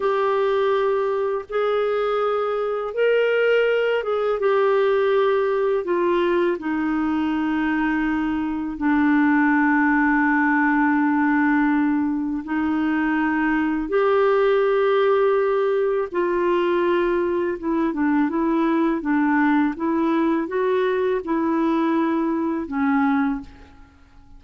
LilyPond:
\new Staff \with { instrumentName = "clarinet" } { \time 4/4 \tempo 4 = 82 g'2 gis'2 | ais'4. gis'8 g'2 | f'4 dis'2. | d'1~ |
d'4 dis'2 g'4~ | g'2 f'2 | e'8 d'8 e'4 d'4 e'4 | fis'4 e'2 cis'4 | }